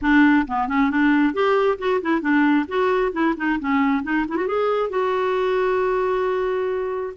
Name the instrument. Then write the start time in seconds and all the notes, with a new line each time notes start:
clarinet
0.01 D4
0.47 B3
0.68 C#4
0.90 D4
1.33 G4
1.78 F#4
2.01 E4
2.21 D4
2.68 F#4
3.12 E4
3.36 D#4
3.59 C#4
4.03 D#4
4.28 E4
4.36 F#4
4.47 G#4
4.89 F#4